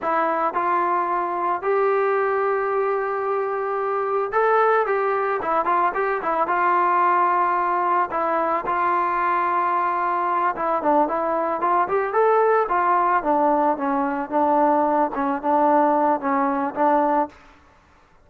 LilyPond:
\new Staff \with { instrumentName = "trombone" } { \time 4/4 \tempo 4 = 111 e'4 f'2 g'4~ | g'1 | a'4 g'4 e'8 f'8 g'8 e'8 | f'2. e'4 |
f'2.~ f'8 e'8 | d'8 e'4 f'8 g'8 a'4 f'8~ | f'8 d'4 cis'4 d'4. | cis'8 d'4. cis'4 d'4 | }